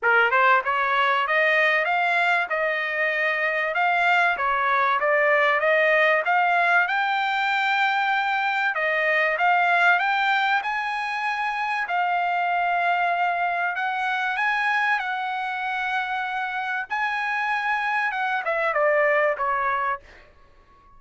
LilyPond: \new Staff \with { instrumentName = "trumpet" } { \time 4/4 \tempo 4 = 96 ais'8 c''8 cis''4 dis''4 f''4 | dis''2 f''4 cis''4 | d''4 dis''4 f''4 g''4~ | g''2 dis''4 f''4 |
g''4 gis''2 f''4~ | f''2 fis''4 gis''4 | fis''2. gis''4~ | gis''4 fis''8 e''8 d''4 cis''4 | }